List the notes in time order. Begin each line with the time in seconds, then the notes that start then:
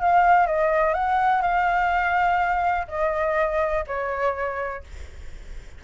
0.00 F5
0.46 D#5
0.93 F#5
1.42 F5
2.87 D#5
3.87 C#5